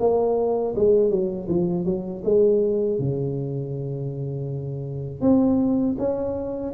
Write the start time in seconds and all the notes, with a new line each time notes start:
0.00 A#3
0.76 G#3
1.10 F#3
1.49 F3
1.85 F#3
2.25 G#3
2.99 C#3
5.21 C4
5.99 C#4